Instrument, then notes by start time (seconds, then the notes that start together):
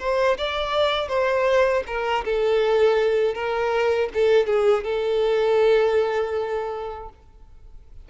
violin
0.00 C5
0.38 D5
1.09 C5
1.88 A#4
2.25 A4
3.35 A#4
4.15 A4
4.47 G#4
4.84 A4